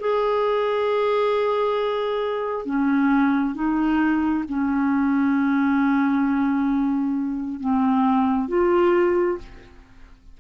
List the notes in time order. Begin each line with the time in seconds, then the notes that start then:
0.00 G#4
2.65 C#4
3.55 D#4
4.49 C#4
7.60 C4
8.48 F4